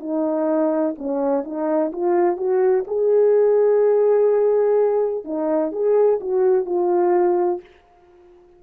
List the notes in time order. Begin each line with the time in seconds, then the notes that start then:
0.00 D#4
0.98 C#4
1.45 D#4
1.93 F4
2.37 F#4
2.87 G#4
5.25 D#4
5.72 G#4
6.21 F#4
6.66 F4